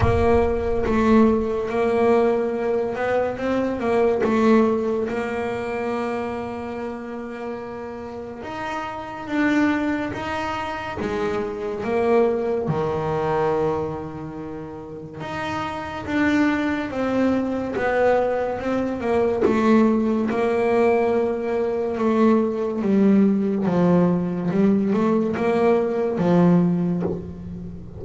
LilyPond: \new Staff \with { instrumentName = "double bass" } { \time 4/4 \tempo 4 = 71 ais4 a4 ais4. b8 | c'8 ais8 a4 ais2~ | ais2 dis'4 d'4 | dis'4 gis4 ais4 dis4~ |
dis2 dis'4 d'4 | c'4 b4 c'8 ais8 a4 | ais2 a4 g4 | f4 g8 a8 ais4 f4 | }